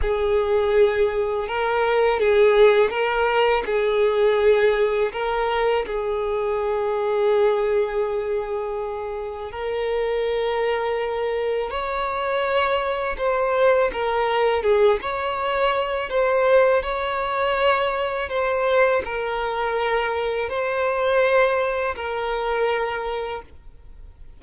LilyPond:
\new Staff \with { instrumentName = "violin" } { \time 4/4 \tempo 4 = 82 gis'2 ais'4 gis'4 | ais'4 gis'2 ais'4 | gis'1~ | gis'4 ais'2. |
cis''2 c''4 ais'4 | gis'8 cis''4. c''4 cis''4~ | cis''4 c''4 ais'2 | c''2 ais'2 | }